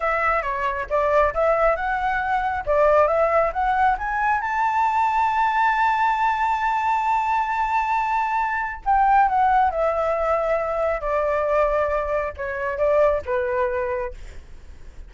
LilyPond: \new Staff \with { instrumentName = "flute" } { \time 4/4 \tempo 4 = 136 e''4 cis''4 d''4 e''4 | fis''2 d''4 e''4 | fis''4 gis''4 a''2~ | a''1~ |
a''1 | g''4 fis''4 e''2~ | e''4 d''2. | cis''4 d''4 b'2 | }